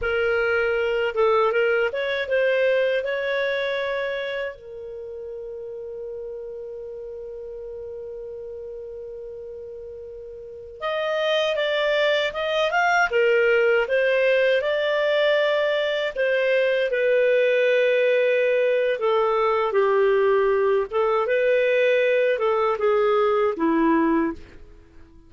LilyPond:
\new Staff \with { instrumentName = "clarinet" } { \time 4/4 \tempo 4 = 79 ais'4. a'8 ais'8 cis''8 c''4 | cis''2 ais'2~ | ais'1~ | ais'2~ ais'16 dis''4 d''8.~ |
d''16 dis''8 f''8 ais'4 c''4 d''8.~ | d''4~ d''16 c''4 b'4.~ b'16~ | b'4 a'4 g'4. a'8 | b'4. a'8 gis'4 e'4 | }